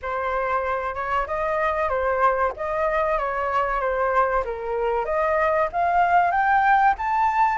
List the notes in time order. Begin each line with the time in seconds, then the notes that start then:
0.02 C5
0.94 C#5
1.26 D#5
1.89 C5
2.56 D#5
3.18 C#5
3.80 C5
4.44 A#4
5.05 D#5
5.72 F5
6.31 G5
6.98 A5